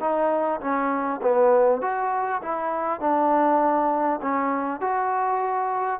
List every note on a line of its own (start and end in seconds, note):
0.00 0.60 D#4
0.60 1.20 C#4
1.22 1.81 B3
1.81 2.41 F#4
2.42 3.00 E4
3.00 4.20 D4
4.21 4.81 C#4
4.81 6.00 F#4